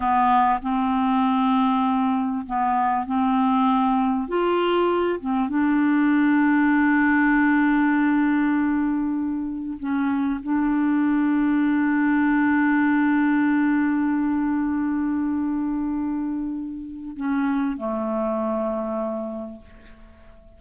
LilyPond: \new Staff \with { instrumentName = "clarinet" } { \time 4/4 \tempo 4 = 98 b4 c'2. | b4 c'2 f'4~ | f'8 c'8 d'2.~ | d'1 |
cis'4 d'2.~ | d'1~ | d'1 | cis'4 a2. | }